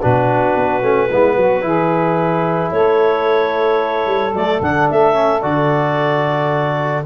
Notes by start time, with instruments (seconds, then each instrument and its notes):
0.00 tuba B2, trombone D4, saxophone F#4, clarinet B4
0.56 tuba B3
0.83 tuba A3, trombone C#4
1.09 tuba G#3, trombone B3, saxophone E4
1.37 tuba F#3, saxophone F#4
1.61 tuba E3, trombone E4, saxophone G#4
2.72 tuba A3, saxophone A4, clarinet C#5
4.07 tuba G3
4.34 tuba F#3, trombone A3, clarinet D5
4.61 tuba D3, trombone D4, clarinet F#5
4.90 tuba A3, clarinet E5
5.14 trombone C#4
5.42 tuba D3, trombone F#4, clarinet D5